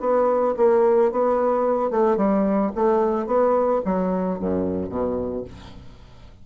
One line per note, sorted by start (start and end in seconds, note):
0.00 0.55 B3
0.57 1.12 A#3
1.12 1.90 B3
1.90 2.17 A3
2.17 2.72 G3
2.75 3.27 A3
3.27 3.81 B3
3.85 4.39 F#3
4.39 4.89 F#2
4.89 5.44 B2